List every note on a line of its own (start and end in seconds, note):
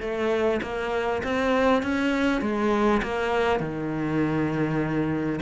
0.00 0.60 A3
0.62 1.22 A#3
1.23 1.82 C4
1.82 2.41 C#4
2.41 3.01 G#3
3.02 3.59 A#3
3.59 5.39 D#3